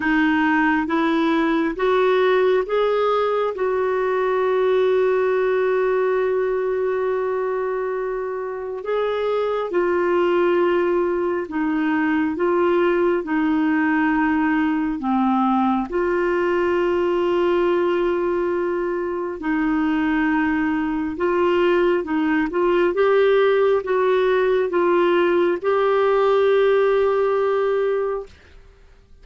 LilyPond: \new Staff \with { instrumentName = "clarinet" } { \time 4/4 \tempo 4 = 68 dis'4 e'4 fis'4 gis'4 | fis'1~ | fis'2 gis'4 f'4~ | f'4 dis'4 f'4 dis'4~ |
dis'4 c'4 f'2~ | f'2 dis'2 | f'4 dis'8 f'8 g'4 fis'4 | f'4 g'2. | }